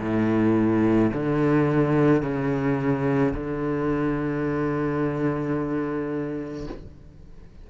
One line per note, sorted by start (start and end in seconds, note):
0.00 1.11 A2
1.13 2.22 D3
2.22 3.33 C#3
3.34 6.67 D3